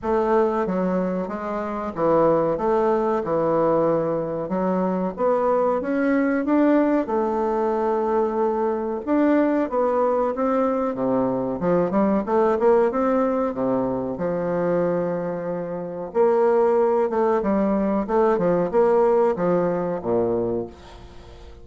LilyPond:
\new Staff \with { instrumentName = "bassoon" } { \time 4/4 \tempo 4 = 93 a4 fis4 gis4 e4 | a4 e2 fis4 | b4 cis'4 d'4 a4~ | a2 d'4 b4 |
c'4 c4 f8 g8 a8 ais8 | c'4 c4 f2~ | f4 ais4. a8 g4 | a8 f8 ais4 f4 ais,4 | }